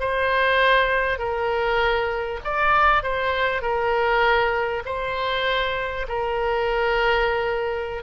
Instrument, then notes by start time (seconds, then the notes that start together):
oboe
0.00 C5
1.19 A#4
2.45 D5
3.04 C5
3.62 A#4
4.86 C5
6.09 A#4